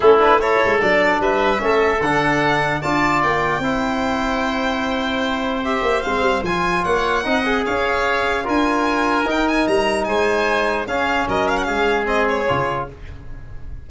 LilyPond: <<
  \new Staff \with { instrumentName = "violin" } { \time 4/4 \tempo 4 = 149 a'8 b'8 cis''4 d''4 e''4~ | e''4 fis''2 a''4 | g''1~ | g''2 e''4 f''4 |
gis''4 fis''2 f''4~ | f''4 gis''2 g''8 gis''8 | ais''4 gis''2 f''4 | dis''8 f''16 fis''16 f''4 dis''8 cis''4. | }
  \new Staff \with { instrumentName = "oboe" } { \time 4/4 e'4 a'2 b'4 | a'2. d''4~ | d''4 c''2.~ | c''1~ |
c''4 cis''4 dis''4 cis''4~ | cis''4 ais'2.~ | ais'4 c''2 gis'4 | ais'4 gis'2. | }
  \new Staff \with { instrumentName = "trombone" } { \time 4/4 cis'8 d'8 e'4 d'2 | cis'4 d'2 f'4~ | f'4 e'2.~ | e'2 g'4 c'4 |
f'2 dis'8 gis'4.~ | gis'4 f'2 dis'4~ | dis'2. cis'4~ | cis'2 c'4 f'4 | }
  \new Staff \with { instrumentName = "tuba" } { \time 4/4 a4. gis8 fis4 g4 | a4 d2 d'4 | ais4 c'2.~ | c'2~ c'8 ais8 gis8 g8 |
f4 ais4 c'4 cis'4~ | cis'4 d'2 dis'4 | g4 gis2 cis'4 | fis4 gis2 cis4 | }
>>